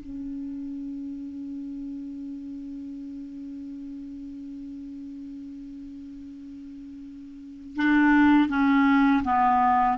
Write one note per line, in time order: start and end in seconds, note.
0.00 7.76 C#4
7.76 8.49 D4
8.49 9.23 C#4
9.24 9.98 B3